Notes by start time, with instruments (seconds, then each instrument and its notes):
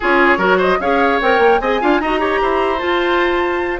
0.00 bassoon C#4, clarinet F4, oboe G#4, flute C#5
0.37 bassoon F#3, clarinet F#4, oboe A#4
0.57 oboe C5, flute D#5
0.79 bassoon C#4, clarinet G#4, oboe C#5, flute F5
1.21 bassoon C4, clarinet A#4, flute G5
1.38 bassoon A#3
1.60 bassoon C4, clarinet G#4, oboe D#5, flute G#5
1.81 bassoon D4, clarinet F4, oboe F5
2.00 bassoon D#4, clarinet F#4, oboe D#5, flute A#5
2.18 clarinet G4, oboe C#5
2.41 bassoon E4, oboe C5
2.79 clarinet F4, bassoon F4, flute A5